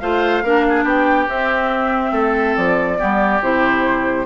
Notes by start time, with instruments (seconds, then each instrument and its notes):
0.00 bassoon A3, clarinet F4, oboe C5, flute F5
0.43 bassoon A#3, clarinet D4, oboe A#4
0.69 oboe G#4
0.84 bassoon B3, oboe G4, flute G5
1.28 clarinet C4, bassoon C4, flute E5
2.12 bassoon A3, oboe A4
2.57 bassoon F3, flute D5
2.98 bassoon G3, clarinet B3, oboe G4
3.41 bassoon C3, clarinet E4, flute C5